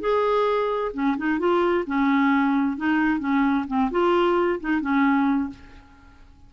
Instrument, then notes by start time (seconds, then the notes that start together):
clarinet
0.00 G#4
0.93 C#4
1.17 D#4
1.39 F4
1.87 C#4
2.77 D#4
3.19 C#4
3.67 C4
3.91 F4
4.60 D#4
4.81 C#4